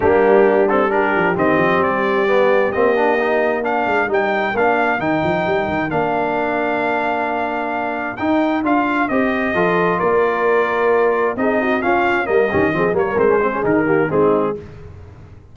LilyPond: <<
  \new Staff \with { instrumentName = "trumpet" } { \time 4/4 \tempo 4 = 132 g'4. a'8 ais'4 dis''4 | d''2 dis''2 | f''4 g''4 f''4 g''4~ | g''4 f''2.~ |
f''2 g''4 f''4 | dis''2 d''2~ | d''4 dis''4 f''4 dis''4~ | dis''8 cis''8 c''4 ais'4 gis'4 | }
  \new Staff \with { instrumentName = "horn" } { \time 4/4 d'2 g'2~ | g'1 | ais'1~ | ais'1~ |
ais'1~ | ais'4 a'4 ais'2~ | ais'4 gis'8 fis'8 f'4 ais'8 g'8 | gis'8 ais'4 gis'4 g'8 dis'4 | }
  \new Staff \with { instrumentName = "trombone" } { \time 4/4 ais4. c'8 d'4 c'4~ | c'4 b4 c'8 d'8 dis'4 | d'4 dis'4 d'4 dis'4~ | dis'4 d'2.~ |
d'2 dis'4 f'4 | g'4 f'2.~ | f'4 dis'4 cis'4 ais8 cis'8 | c'8 ais8 c'16 cis'16 c'16 cis'16 dis'8 ais8 c'4 | }
  \new Staff \with { instrumentName = "tuba" } { \time 4/4 g2~ g8 f8 dis8 f8 | g2 ais2~ | ais8 gis8 g4 ais4 dis8 f8 | g8 dis8 ais2.~ |
ais2 dis'4 d'4 | c'4 f4 ais2~ | ais4 c'4 cis'4 g8 dis8 | f8 g8 gis4 dis4 gis4 | }
>>